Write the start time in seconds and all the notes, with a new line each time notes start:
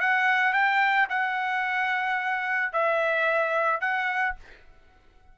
0.00 F#5
0.53 G5
1.09 F#5
2.72 E5
3.81 F#5